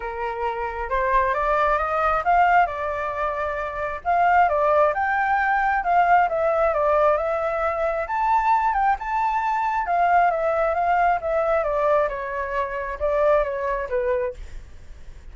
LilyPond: \new Staff \with { instrumentName = "flute" } { \time 4/4 \tempo 4 = 134 ais'2 c''4 d''4 | dis''4 f''4 d''2~ | d''4 f''4 d''4 g''4~ | g''4 f''4 e''4 d''4 |
e''2 a''4. g''8 | a''2 f''4 e''4 | f''4 e''4 d''4 cis''4~ | cis''4 d''4 cis''4 b'4 | }